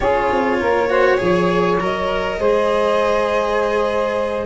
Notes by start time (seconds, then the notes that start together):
0.00 C#4 F4 G#4 C#5
0.30 C4
0.60 A#3 A#4
0.89 F#4 C5
1.17 F3 G#4 C#5
1.80 F#3 A#4 D#5
2.39 G#3 G#4 C5